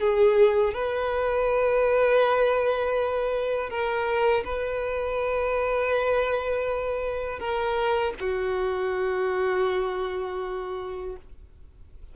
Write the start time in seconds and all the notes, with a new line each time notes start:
0.00 G#4
0.73 B4
3.69 A#4
4.44 B4
7.39 A#4
8.20 F#4